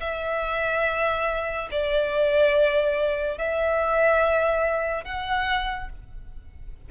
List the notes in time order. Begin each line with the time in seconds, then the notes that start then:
0.00 E5
1.71 D5
3.38 E5
5.05 F#5